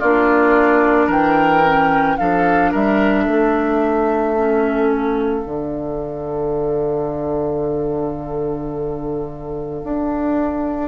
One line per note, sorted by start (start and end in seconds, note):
0.00 1.08 A#3
0.00 1.64 D4
0.00 1.07 F4
0.00 1.09 D5
1.07 2.17 E3
1.07 2.16 A#4
1.07 2.18 G5
1.64 2.18 C#4
2.18 2.74 F3
2.18 4.36 D4
2.18 2.72 A4
2.18 2.72 F5
2.72 3.27 G3
2.72 3.25 A#4
2.72 4.91 E5
3.25 5.45 A3
3.25 10.88 A4
4.36 5.45 C#4
4.91 10.89 F5
5.46 9.82 D3
5.46 10.89 D4
9.84 10.89 D4